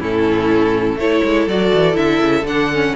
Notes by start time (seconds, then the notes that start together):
0.00 A2 C#4 E4 A4
0.96 A3 E4 A4 C#5
1.24 G#3
1.47 F#3 F#4 D5
1.74 E3
1.93 D3 E4 E5
2.21 C#3
2.43 D3 D4 F#5
2.72 C#4